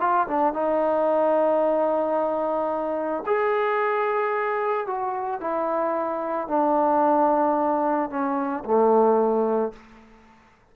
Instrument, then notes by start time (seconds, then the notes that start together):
trombone
0.00 F4
0.27 D4
0.53 D#4
3.26 G#4
4.86 F#4
5.41 E4
6.48 D4
8.10 C#4
8.64 A3